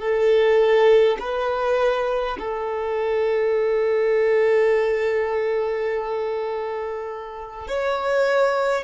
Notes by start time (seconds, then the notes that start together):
0.00 A4
1.20 B4
2.39 A4
7.68 C#5